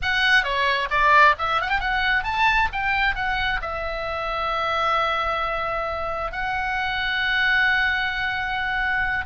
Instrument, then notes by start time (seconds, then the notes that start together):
oboe
0.01 F#5
0.43 C#5
0.90 D5
1.38 E5
1.61 F#5
1.69 G5
1.80 F#5
2.23 A5
2.72 G5
3.15 F#5
3.61 E5
6.32 F#5